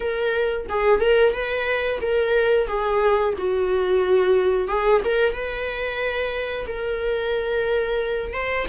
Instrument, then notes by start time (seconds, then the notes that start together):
viola
0.00 A#4
0.69 G#4
1.00 A#4
1.32 B4
2.01 A#4
2.67 G#4
3.38 F#4
4.68 G#4
5.04 A#4
5.32 B4
6.67 A#4
8.33 C5